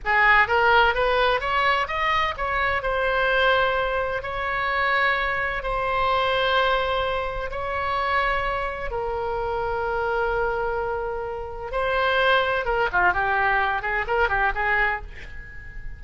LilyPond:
\new Staff \with { instrumentName = "oboe" } { \time 4/4 \tempo 4 = 128 gis'4 ais'4 b'4 cis''4 | dis''4 cis''4 c''2~ | c''4 cis''2. | c''1 |
cis''2. ais'4~ | ais'1~ | ais'4 c''2 ais'8 f'8 | g'4. gis'8 ais'8 g'8 gis'4 | }